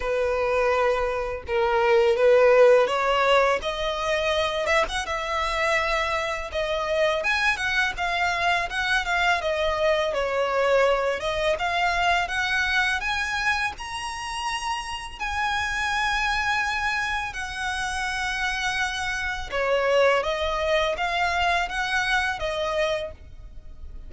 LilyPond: \new Staff \with { instrumentName = "violin" } { \time 4/4 \tempo 4 = 83 b'2 ais'4 b'4 | cis''4 dis''4. e''16 fis''16 e''4~ | e''4 dis''4 gis''8 fis''8 f''4 | fis''8 f''8 dis''4 cis''4. dis''8 |
f''4 fis''4 gis''4 ais''4~ | ais''4 gis''2. | fis''2. cis''4 | dis''4 f''4 fis''4 dis''4 | }